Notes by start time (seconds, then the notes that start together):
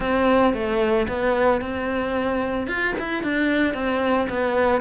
0.00 C4
0.53 A3
1.07 B3
1.61 C4
2.67 F4
2.99 E4
3.23 D4
3.74 C4
4.29 B3